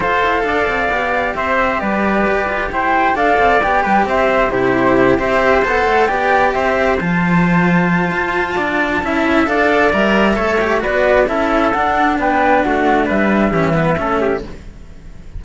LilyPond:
<<
  \new Staff \with { instrumentName = "flute" } { \time 4/4 \tempo 4 = 133 f''2. e''4 | d''2 g''4 f''4 | g''4 e''4 c''4. e''8~ | e''8 fis''4 g''4 e''4 a''8~ |
a''1~ | a''4 f''4 e''2 | d''4 e''4 fis''4 g''4 | fis''4 e''2. | }
  \new Staff \with { instrumentName = "trumpet" } { \time 4/4 c''4 d''2 c''4 | b'2 c''4 d''4~ | d''8 b'8 c''4 g'4. c''8~ | c''4. d''4 c''4.~ |
c''2. d''4 | e''4 d''2 cis''4 | b'4 a'2 b'4 | fis'4 b'4 g'8 b'8 a'8 g'8 | }
  \new Staff \with { instrumentName = "cello" } { \time 4/4 a'2 g'2~ | g'2. a'4 | g'2 e'4. g'8~ | g'8 a'4 g'2 f'8~ |
f'1 | e'4 a'4 ais'4 a'8 g'8 | fis'4 e'4 d'2~ | d'2 cis'8 b8 cis'4 | }
  \new Staff \with { instrumentName = "cello" } { \time 4/4 f'8 e'8 d'8 c'8 b4 c'4 | g4 g'8 f'8 e'4 d'8 c'8 | b8 g8 c'4 c4. c'8~ | c'8 b8 a8 b4 c'4 f8~ |
f2 f'4 d'4 | cis'4 d'4 g4 a4 | b4 cis'4 d'4 b4 | a4 g4 e4 a4 | }
>>